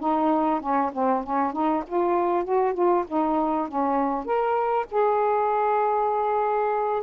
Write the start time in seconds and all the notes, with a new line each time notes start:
0.00 D#4
0.61 C#4
0.93 C4
1.24 C#4
1.53 D#4
1.87 F4
2.44 F#4
2.74 F4
3.08 D#4
3.69 C#4
4.26 A#4
4.91 G#4